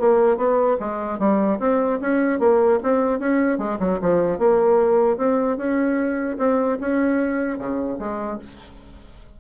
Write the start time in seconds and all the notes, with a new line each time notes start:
0.00 A#3
0.37 B3
0.80 G#3
1.19 G3
1.60 C4
2.01 C#4
2.39 A#3
2.83 C4
3.19 C#4
3.59 G#3
3.80 F#3
4.02 F3
4.39 A#3
5.18 C4
5.58 C#4
6.39 C4
6.81 C#4
7.59 C#3
7.99 G#3